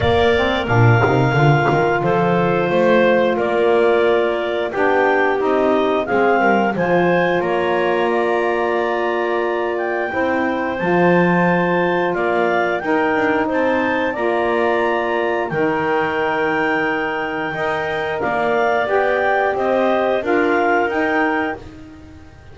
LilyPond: <<
  \new Staff \with { instrumentName = "clarinet" } { \time 4/4 \tempo 4 = 89 d''4 f''2 c''4~ | c''4 d''2 g''4 | dis''4 f''4 gis''4 ais''4~ | ais''2~ ais''8 g''4. |
a''2 f''4 g''4 | a''4 ais''2 g''4~ | g''2. f''4 | g''4 dis''4 f''4 g''4 | }
  \new Staff \with { instrumentName = "clarinet" } { \time 4/4 ais'2. a'4 | c''4 ais'2 g'4~ | g'4 gis'8 ais'8 c''4 cis''4 | d''2. c''4~ |
c''2 d''4 ais'4 | c''4 d''2 ais'4~ | ais'2 dis''4 d''4~ | d''4 c''4 ais'2 | }
  \new Staff \with { instrumentName = "saxophone" } { \time 4/4 ais8 c'8 d'8 dis'8 f'2~ | f'2. d'4 | dis'4 c'4 f'2~ | f'2. e'4 |
f'2. dis'4~ | dis'4 f'2 dis'4~ | dis'2 ais'2 | g'2 f'4 dis'4 | }
  \new Staff \with { instrumentName = "double bass" } { \time 4/4 ais4 ais,8 c8 d8 dis8 f4 | a4 ais2 b4 | c'4 gis8 g8 f4 ais4~ | ais2. c'4 |
f2 ais4 dis'8 d'8 | c'4 ais2 dis4~ | dis2 dis'4 ais4 | b4 c'4 d'4 dis'4 | }
>>